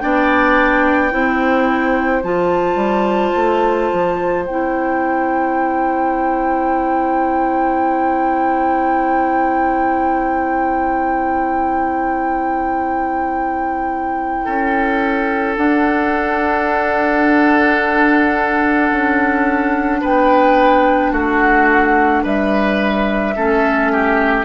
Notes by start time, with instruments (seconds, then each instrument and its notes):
0.00 bassoon B3, clarinet D4, oboe D5, flute G5
1.11 bassoon C4, clarinet E4, oboe C5
2.23 bassoon F3, clarinet F4, flute A5
2.75 bassoon G3
3.35 bassoon A3
3.92 bassoon F3
4.46 bassoon C4, clarinet E4, flute G5
14.45 bassoon C#4, oboe A4
15.56 clarinet D4, bassoon D4, flute F#5
18.91 bassoon C#4
20.01 bassoon B3, oboe B4, flute G5
21.12 bassoon A3, oboe F#4, flute F#5
22.23 bassoon G3, oboe B4, flute E5
23.35 bassoon A3, clarinet C#4, oboe A4
23.92 oboe G4